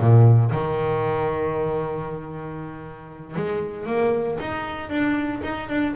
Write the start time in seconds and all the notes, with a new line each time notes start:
0.00 A#2
0.52 D#3
3.36 G#3
3.87 A#3
4.40 D#4
4.90 D4
5.44 D#4
5.70 D4